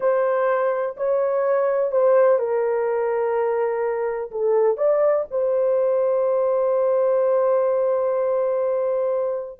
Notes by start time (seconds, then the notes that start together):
0.00 C5
0.96 C#5
1.91 C5
2.38 A#4
4.31 A4
4.77 D5
5.30 C5